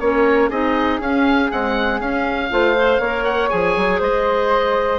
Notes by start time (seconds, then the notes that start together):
0.00 A#3 C#4 A#4 C#5
0.50 C4 D#4 G#4 D#5
1.00 C#4 F5
1.50 G#3 C4 F#5
2.01 C#4 F5
2.51 A3 F4 C5
2.77 C5
3.00 A#3 A#4 C#5
3.25 F#5
3.50 F3 G#4 G#5
3.77 F#3
4.00 G#3 C5 D#5